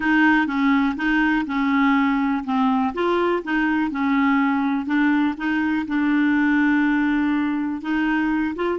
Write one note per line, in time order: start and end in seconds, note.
0.00 0.46 D#4
0.46 0.95 C#4
0.96 1.45 D#4
1.46 2.44 C#4
2.44 2.93 C4
2.94 3.42 F4
3.43 3.90 D#4
3.90 4.86 C#4
4.86 5.35 D4
5.37 5.86 D#4
5.87 7.81 D4
7.81 8.55 D#4
8.55 8.78 F4